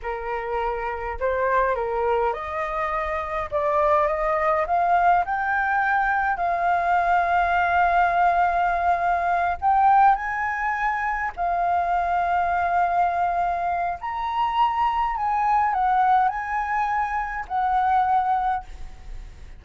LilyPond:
\new Staff \with { instrumentName = "flute" } { \time 4/4 \tempo 4 = 103 ais'2 c''4 ais'4 | dis''2 d''4 dis''4 | f''4 g''2 f''4~ | f''1~ |
f''8 g''4 gis''2 f''8~ | f''1 | ais''2 gis''4 fis''4 | gis''2 fis''2 | }